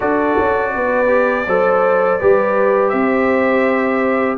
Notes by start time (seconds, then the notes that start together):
0.00 D4 F#4 A4 D5
0.38 C#4
0.74 B3 B4
1.07 G4
1.47 F#3 A4 C5
2.19 G3 G4 B4
2.88 C4 C5 E5